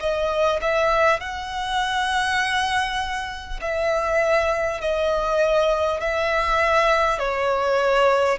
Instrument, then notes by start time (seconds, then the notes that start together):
violin
0.00 D#5
0.61 E5
1.20 F#5
3.62 E5
4.81 D#5
6.01 E5
7.19 C#5